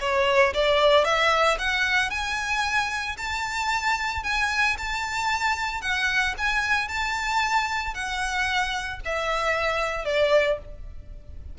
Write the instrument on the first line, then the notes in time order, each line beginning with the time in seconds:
violin
0.00 C#5
0.54 D5
1.04 E5
1.59 F#5
2.10 G#5
3.17 A5
4.23 G#5
4.78 A5
5.81 F#5
6.37 G#5
6.88 A5
7.94 F#5
9.05 E5
10.05 D5